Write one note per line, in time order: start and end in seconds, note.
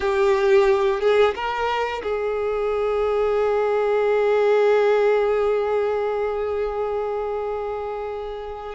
0.00 1.00 G4
1.00 1.34 G#4
1.34 2.02 A#4
2.02 8.75 G#4